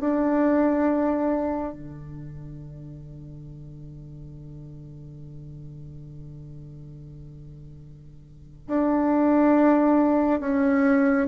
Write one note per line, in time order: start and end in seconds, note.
0.00 1.73 D4
1.73 8.68 D3
8.68 10.40 D4
10.40 11.27 C#4